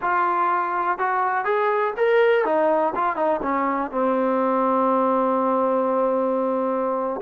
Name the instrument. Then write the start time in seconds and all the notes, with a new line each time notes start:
trombone
0.01 F4
0.98 F#4
1.44 G#4
1.96 A#4
2.44 D#4
2.95 F4
3.16 D#4
3.42 C#4
3.91 C4